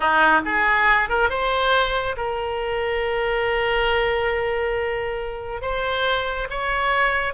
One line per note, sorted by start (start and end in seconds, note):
0.00 0.41 D#4
0.45 1.09 G#4
1.09 1.29 A#4
1.29 2.16 C5
2.16 5.61 A#4
5.61 6.47 C5
6.50 7.33 C#5